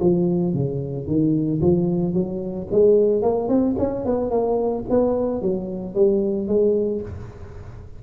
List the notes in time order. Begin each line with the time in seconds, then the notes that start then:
0.00 F3
0.53 C#3
1.07 D#3
1.61 F3
2.14 F#3
2.71 G#3
3.22 A#3
3.48 C4
3.78 C#4
4.05 B3
4.30 A#3
4.89 B3
5.42 F#3
5.95 G3
6.47 G#3